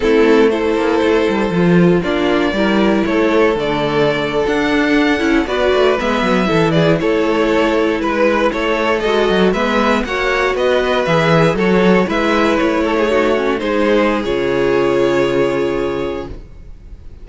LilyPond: <<
  \new Staff \with { instrumentName = "violin" } { \time 4/4 \tempo 4 = 118 a'4 c''2. | d''2 cis''4 d''4~ | d''8. fis''2 d''4 e''16~ | e''4~ e''16 d''8 cis''2 b'16~ |
b'8. cis''4 dis''4 e''4 fis''16~ | fis''8. dis''4 e''4 cis''4 e''16~ | e''8. cis''2 c''4~ c''16 | cis''1 | }
  \new Staff \with { instrumentName = "violin" } { \time 4/4 e'4 a'2. | f'4 ais'4 a'2~ | a'2~ a'8. b'4~ b'16~ | b'8. a'8 gis'8 a'2 b'16~ |
b'8. a'2 b'4 cis''16~ | cis''8. b'2 a'4 b'16~ | b'4~ b'16 a'16 gis'16 fis'4 gis'4~ gis'16~ | gis'1 | }
  \new Staff \with { instrumentName = "viola" } { \time 4/4 c'4 e'2 f'4 | d'4 e'2 a4~ | a8. d'4. e'8 fis'4 b16~ | b8. e'2.~ e'16~ |
e'4.~ e'16 fis'4 b4 fis'16~ | fis'4.~ fis'16 gis'4 fis'4 e'16~ | e'4.~ e'16 dis'8 cis'8 dis'4~ dis'16 | f'1 | }
  \new Staff \with { instrumentName = "cello" } { \time 4/4 a4. ais8 a8 g8 f4 | ais4 g4 a4 d4~ | d8. d'4. cis'8 b8 a8 gis16~ | gis16 fis8 e4 a2 gis16~ |
gis8. a4 gis8 fis8 gis4 ais16~ | ais8. b4 e4 fis4 gis16~ | gis8. a2 gis4~ gis16 | cis1 | }
>>